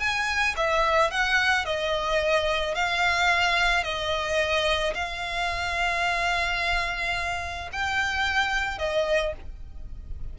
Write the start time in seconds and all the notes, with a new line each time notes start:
0.00 G#5
0.57 E5
1.11 F#5
1.66 D#5
2.75 F5
3.84 D#5
4.95 F5
7.73 G5
8.79 D#5